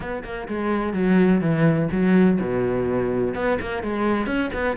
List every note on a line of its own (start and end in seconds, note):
0.00 0.23 B3
0.24 0.47 A#3
0.48 0.93 G#3
0.93 1.40 F#3
1.40 1.88 E3
1.91 2.39 F#3
2.40 3.34 B2
3.34 3.58 B3
3.60 3.82 A#3
3.82 4.26 G#3
4.26 4.50 C#4
4.53 4.76 B3